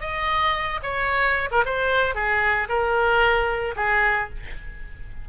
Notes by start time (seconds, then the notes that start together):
0.00 D#5
0.82 C#5
1.51 A#4
1.65 C5
2.15 G#4
2.68 A#4
3.76 G#4